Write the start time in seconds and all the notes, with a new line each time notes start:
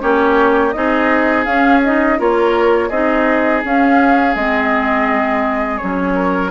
0.00 A#3 C#4 G4 C#5
0.72 C4 D#4 G#4 D#5
1.45 C#4 F5
1.84 D#4 D#5
2.18 A#3 F4 A#4 C#5
2.89 C4 D#4 G#4 D#5
3.64 C#4 F5
4.35 G#3 C4 D#5
5.78 F#3 C#4 C#5
6.15 A#4